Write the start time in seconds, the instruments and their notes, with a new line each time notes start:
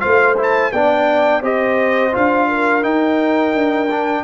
0.00 tuba A3, trombone F4, horn C5, trumpet F5
0.37 trombone E4, trumpet A5
0.72 tuba B3, trombone D4, horn D5, trumpet G5
1.42 tuba C4, trombone G4, horn C5, trumpet D#5
2.12 tuba D4, trombone F4, trumpet F5
2.48 horn A#4
2.83 trombone D#4, tuba D#4, trumpet G5
3.55 tuba D4
3.91 trombone D4